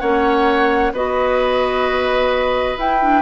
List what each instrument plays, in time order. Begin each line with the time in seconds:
0.00 bassoon A#3, clarinet C#4, oboe C#5, flute F#5
0.93 bassoon B3, clarinet F#4, oboe B4, flute D#5
2.77 bassoon E4, clarinet E4, flute G5
3.01 clarinet D4